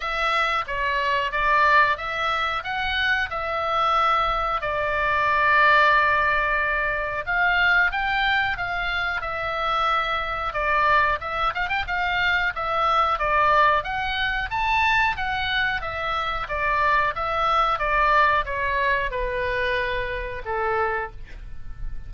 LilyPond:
\new Staff \with { instrumentName = "oboe" } { \time 4/4 \tempo 4 = 91 e''4 cis''4 d''4 e''4 | fis''4 e''2 d''4~ | d''2. f''4 | g''4 f''4 e''2 |
d''4 e''8 f''16 g''16 f''4 e''4 | d''4 fis''4 a''4 fis''4 | e''4 d''4 e''4 d''4 | cis''4 b'2 a'4 | }